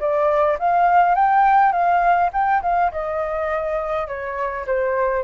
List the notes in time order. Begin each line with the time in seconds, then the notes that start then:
0.00 D5
0.59 F5
1.15 G5
1.72 F5
2.33 G5
2.62 F5
2.92 D#5
4.08 C#5
4.67 C5